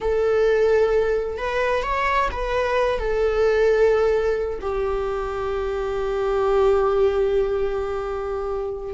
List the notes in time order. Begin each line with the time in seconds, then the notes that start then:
0.00 A4
1.37 B4
1.82 C#5
2.31 B4
2.98 A4
4.61 G4